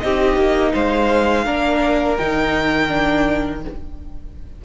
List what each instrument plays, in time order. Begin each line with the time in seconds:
0.00 cello C4, viola D#4, violin G4 D#5
0.37 cello A#3
0.73 cello G#3, violin C5 F5
1.45 cello A#3, viola D4, violin A#4
2.17 cello D#3, viola D#4, violin G5
2.88 viola D4